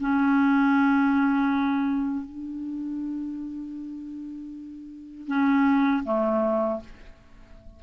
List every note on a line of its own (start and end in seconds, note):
0.00 2.25 C#4
2.25 5.28 D4
5.28 6.03 C#4
6.04 6.80 A3